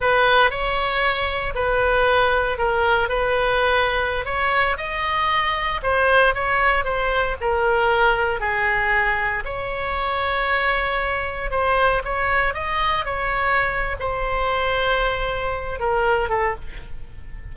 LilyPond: \new Staff \with { instrumentName = "oboe" } { \time 4/4 \tempo 4 = 116 b'4 cis''2 b'4~ | b'4 ais'4 b'2~ | b'16 cis''4 dis''2 c''8.~ | c''16 cis''4 c''4 ais'4.~ ais'16~ |
ais'16 gis'2 cis''4.~ cis''16~ | cis''2~ cis''16 c''4 cis''8.~ | cis''16 dis''4 cis''4.~ cis''16 c''4~ | c''2~ c''8 ais'4 a'8 | }